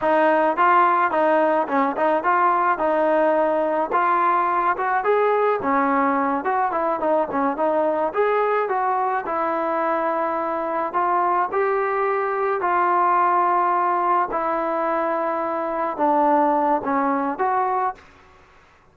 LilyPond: \new Staff \with { instrumentName = "trombone" } { \time 4/4 \tempo 4 = 107 dis'4 f'4 dis'4 cis'8 dis'8 | f'4 dis'2 f'4~ | f'8 fis'8 gis'4 cis'4. fis'8 | e'8 dis'8 cis'8 dis'4 gis'4 fis'8~ |
fis'8 e'2. f'8~ | f'8 g'2 f'4.~ | f'4. e'2~ e'8~ | e'8 d'4. cis'4 fis'4 | }